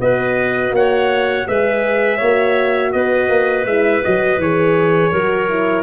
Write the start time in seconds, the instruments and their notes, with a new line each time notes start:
0.00 tuba B3, horn F#4, clarinet B4, trumpet D#5
0.70 tuba A#3, trumpet F#5
0.77 clarinet C#5
1.47 tuba G#3, horn G#4, clarinet B4, trumpet E5
2.17 tuba A#3, horn F#4, clarinet C#5
2.93 tuba B3, clarinet B4, trumpet D#5
3.29 tuba A#3
3.65 tuba G#3, horn E4, trumpet E5
4.03 tuba F#3, horn F#4, trumpet D#5
4.38 tuba E3, horn G#4, trumpet C#5
5.11 tuba F#3, horn F#4, clarinet A#4
5.49 horn E4